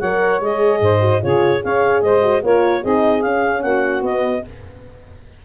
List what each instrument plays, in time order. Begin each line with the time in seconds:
0.00 tuba F#3, horn A#4, saxophone C#5, clarinet F#5
0.41 tuba G#3, horn G#4, clarinet D#5
0.80 tuba G#2, saxophone C5
1.00 horn F#4
1.23 tuba C#3, horn F4, saxophone G#4, clarinet C#5
1.60 tuba C#4, horn G#4, saxophone C#5, clarinet F5
2.02 tuba G#3, saxophone C5, clarinet D#5
2.22 horn F#4
2.43 tuba A#3, horn F4, saxophone A#4, clarinet C#5
2.82 tuba C4, horn D#4, saxophone G#4, clarinet D#5
3.22 tuba C#4, horn C#4, clarinet F5
3.62 tuba A#3, saxophone F#4, clarinet F#5
4.02 tuba B3, horn B3, clarinet D#5